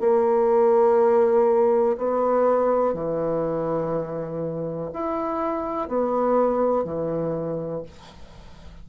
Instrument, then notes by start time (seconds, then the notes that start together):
bassoon
0.00 A#3
1.97 B3
2.94 E3
4.93 E4
5.88 B3
6.84 E3